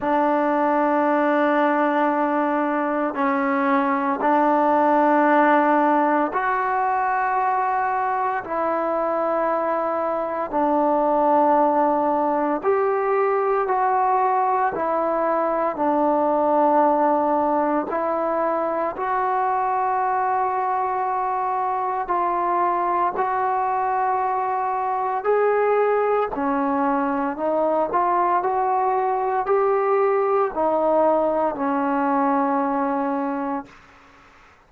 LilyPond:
\new Staff \with { instrumentName = "trombone" } { \time 4/4 \tempo 4 = 57 d'2. cis'4 | d'2 fis'2 | e'2 d'2 | g'4 fis'4 e'4 d'4~ |
d'4 e'4 fis'2~ | fis'4 f'4 fis'2 | gis'4 cis'4 dis'8 f'8 fis'4 | g'4 dis'4 cis'2 | }